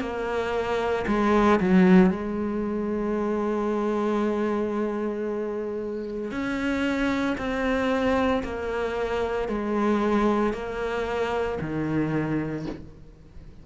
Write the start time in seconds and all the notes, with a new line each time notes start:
0.00 A#3
1.07 G#3
1.60 F#3
2.10 G#3
6.31 C#4
7.37 C4
8.44 A#3
9.48 G#3
10.53 A#3
11.60 D#3